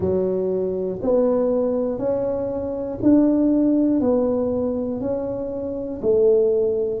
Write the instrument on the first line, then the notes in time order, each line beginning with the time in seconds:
tuba
0.00 F#3
1.01 B3
1.98 C#4
3.02 D4
4.00 B3
5.00 C#4
6.01 A3